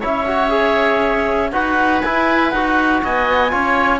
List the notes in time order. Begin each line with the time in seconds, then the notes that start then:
0.00 C#4 E4 C#5 E5
0.26 F#4
0.49 G#4
1.52 D#4 F#4 B4 F#5
2.01 E4 G#5
2.50 D#4 F#4 F#5
3.03 B3 D#5 G#5
3.50 C#4 F4 C#5